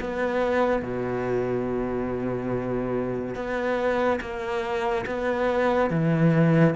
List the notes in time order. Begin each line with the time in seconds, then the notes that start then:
0.00 B3
0.82 B2
3.35 B3
4.20 A#3
5.06 B3
5.90 E3